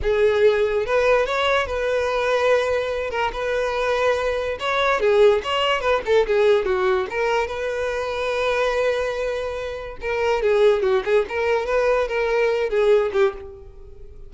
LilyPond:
\new Staff \with { instrumentName = "violin" } { \time 4/4 \tempo 4 = 144 gis'2 b'4 cis''4 | b'2.~ b'8 ais'8 | b'2. cis''4 | gis'4 cis''4 b'8 a'8 gis'4 |
fis'4 ais'4 b'2~ | b'1 | ais'4 gis'4 fis'8 gis'8 ais'4 | b'4 ais'4. gis'4 g'8 | }